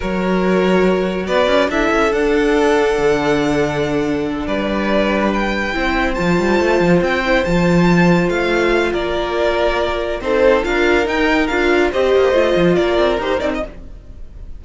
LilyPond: <<
  \new Staff \with { instrumentName = "violin" } { \time 4/4 \tempo 4 = 141 cis''2. d''4 | e''4 fis''2.~ | fis''2~ fis''8 d''4.~ | d''8 g''2 a''4.~ |
a''8 g''4 a''2 f''8~ | f''4 d''2. | c''4 f''4 g''4 f''4 | dis''2 d''4 c''8 d''16 dis''16 | }
  \new Staff \with { instrumentName = "violin" } { \time 4/4 ais'2. b'4 | a'1~ | a'2~ a'8 b'4.~ | b'4. c''2~ c''8~ |
c''1~ | c''4 ais'2. | a'4 ais'2. | c''2 ais'2 | }
  \new Staff \with { instrumentName = "viola" } { \time 4/4 fis'1 | e'4 d'2.~ | d'1~ | d'4. e'4 f'4.~ |
f'4 e'8 f'2~ f'8~ | f'1 | dis'4 f'4 dis'4 f'4 | g'4 f'2 g'8 dis'8 | }
  \new Staff \with { instrumentName = "cello" } { \time 4/4 fis2. b8 cis'8 | d'8 cis'8 d'2 d4~ | d2~ d8 g4.~ | g4. c'4 f8 g8 a8 |
f8 c'4 f2 a8~ | a4 ais2. | c'4 d'4 dis'4 d'4 | c'8 ais8 a8 f8 ais8 c'8 dis'8 c'8 | }
>>